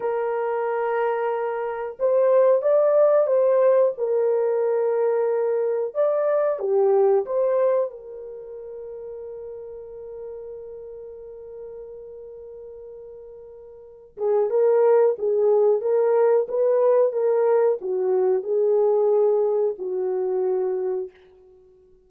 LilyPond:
\new Staff \with { instrumentName = "horn" } { \time 4/4 \tempo 4 = 91 ais'2. c''4 | d''4 c''4 ais'2~ | ais'4 d''4 g'4 c''4 | ais'1~ |
ais'1~ | ais'4. gis'8 ais'4 gis'4 | ais'4 b'4 ais'4 fis'4 | gis'2 fis'2 | }